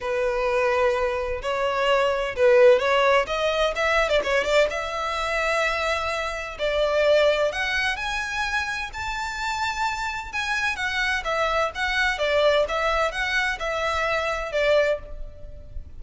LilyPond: \new Staff \with { instrumentName = "violin" } { \time 4/4 \tempo 4 = 128 b'2. cis''4~ | cis''4 b'4 cis''4 dis''4 | e''8. d''16 cis''8 d''8 e''2~ | e''2 d''2 |
fis''4 gis''2 a''4~ | a''2 gis''4 fis''4 | e''4 fis''4 d''4 e''4 | fis''4 e''2 d''4 | }